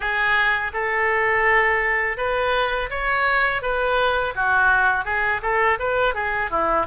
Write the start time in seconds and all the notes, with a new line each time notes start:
0.00 G#4
0.73 A4
2.17 B4
2.89 C#5
3.61 B4
4.35 F#4
5.04 G#4
5.42 A4
5.79 B4
6.14 G#4
6.50 E4